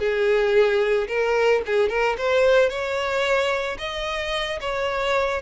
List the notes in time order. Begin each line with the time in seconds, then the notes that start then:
0.00 G#4
1.08 A#4
1.67 G#4
1.90 A#4
2.18 C5
2.70 C#5
3.79 D#5
4.61 C#5